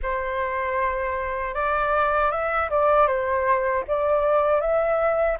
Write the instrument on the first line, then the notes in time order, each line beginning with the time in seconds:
flute
0.02 C5
1.54 D5
2.31 E5
2.70 D5
3.07 C5
3.87 D5
4.60 E5